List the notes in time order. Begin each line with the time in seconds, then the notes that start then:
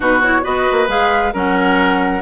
0.00 B2 D#4 F#4 B4
0.22 E4 C#5
0.43 B3 F#4 B4 D#5
0.71 A#3
0.88 G#3 G#4 F5
1.33 F#3 C#4 A#4 F#5